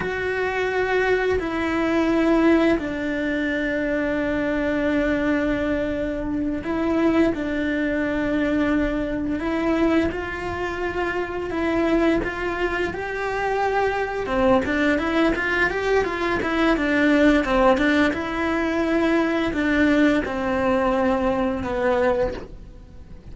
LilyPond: \new Staff \with { instrumentName = "cello" } { \time 4/4 \tempo 4 = 86 fis'2 e'2 | d'1~ | d'4. e'4 d'4.~ | d'4. e'4 f'4.~ |
f'8 e'4 f'4 g'4.~ | g'8 c'8 d'8 e'8 f'8 g'8 f'8 e'8 | d'4 c'8 d'8 e'2 | d'4 c'2 b4 | }